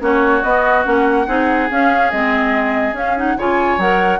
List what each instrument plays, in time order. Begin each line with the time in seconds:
0.00 bassoon A#3, clarinet C#4, oboe F#4, flute C#5
0.43 bassoon B3, clarinet B3, flute D#5
0.84 bassoon A#3, clarinet C#4, flute F#5
1.27 bassoon C4, clarinet D#4, oboe G#4
1.71 clarinet C#4, bassoon C#4, flute F5
2.11 bassoon G#3, clarinet C4, flute D#5
2.92 bassoon C#4, clarinet C#4, flute F5
3.17 clarinet D#4, flute F#5
3.37 bassoon C#3, clarinet F4, oboe C#5, flute G#5
3.78 bassoon F#3, clarinet A#4, flute F#5